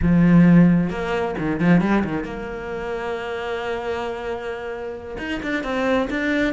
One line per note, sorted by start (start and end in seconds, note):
0.01 0.89 F3
0.89 1.35 A#3
1.38 1.60 D#3
1.60 1.80 F3
1.80 2.03 G3
2.04 2.24 D#3
2.24 5.17 A#3
5.18 5.40 D#4
5.42 5.63 D4
5.63 6.08 C4
6.09 6.53 D4